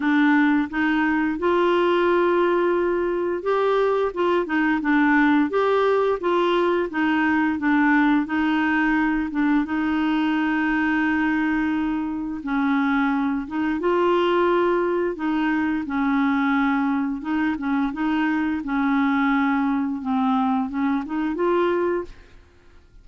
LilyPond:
\new Staff \with { instrumentName = "clarinet" } { \time 4/4 \tempo 4 = 87 d'4 dis'4 f'2~ | f'4 g'4 f'8 dis'8 d'4 | g'4 f'4 dis'4 d'4 | dis'4. d'8 dis'2~ |
dis'2 cis'4. dis'8 | f'2 dis'4 cis'4~ | cis'4 dis'8 cis'8 dis'4 cis'4~ | cis'4 c'4 cis'8 dis'8 f'4 | }